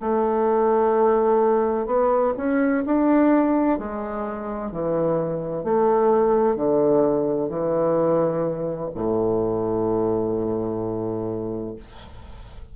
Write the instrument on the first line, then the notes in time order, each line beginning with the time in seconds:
bassoon
0.00 A3
1.86 B3
2.37 C#4
2.86 D4
3.78 G#3
4.71 E3
5.63 A3
6.55 D3
7.49 E3
8.94 A2